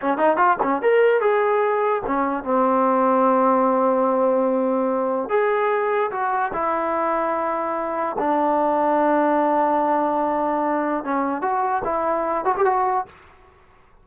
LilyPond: \new Staff \with { instrumentName = "trombone" } { \time 4/4 \tempo 4 = 147 cis'8 dis'8 f'8 cis'8 ais'4 gis'4~ | gis'4 cis'4 c'2~ | c'1~ | c'4 gis'2 fis'4 |
e'1 | d'1~ | d'2. cis'4 | fis'4 e'4. fis'16 g'16 fis'4 | }